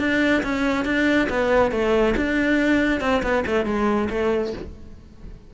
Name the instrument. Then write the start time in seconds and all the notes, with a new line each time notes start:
cello
0.00 D4
0.43 C#4
0.86 D4
1.30 B3
1.72 A3
2.17 D4
3.01 C4
3.23 B3
3.47 A3
3.66 G#3
4.10 A3